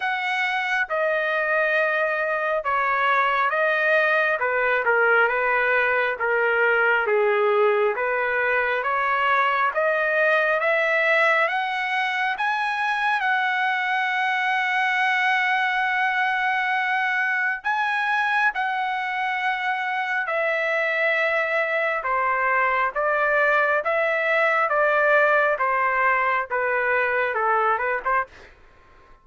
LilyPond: \new Staff \with { instrumentName = "trumpet" } { \time 4/4 \tempo 4 = 68 fis''4 dis''2 cis''4 | dis''4 b'8 ais'8 b'4 ais'4 | gis'4 b'4 cis''4 dis''4 | e''4 fis''4 gis''4 fis''4~ |
fis''1 | gis''4 fis''2 e''4~ | e''4 c''4 d''4 e''4 | d''4 c''4 b'4 a'8 b'16 c''16 | }